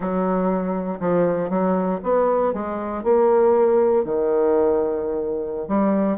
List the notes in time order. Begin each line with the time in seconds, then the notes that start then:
0.00 F#3
0.99 F3
1.49 F#3
2.03 B3
2.53 G#3
3.03 A#3
4.04 D#3
5.68 G3